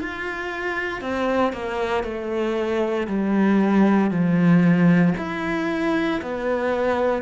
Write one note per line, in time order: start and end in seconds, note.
0.00 1.02 F4
1.02 1.53 C4
1.53 2.04 A#3
2.04 3.08 A3
3.08 4.11 G3
4.11 5.14 F3
5.18 6.22 E4
6.22 7.23 B3